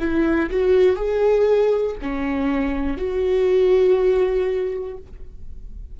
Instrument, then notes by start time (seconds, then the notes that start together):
viola
0.00 E4
0.50 F#4
0.96 G#4
2.02 C#4
2.98 F#4